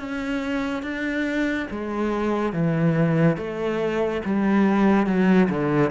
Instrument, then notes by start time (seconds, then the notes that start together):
cello
0.00 C#4
0.83 D4
1.71 G#3
2.53 E3
3.37 A3
4.26 G3
5.07 F#3
5.50 D3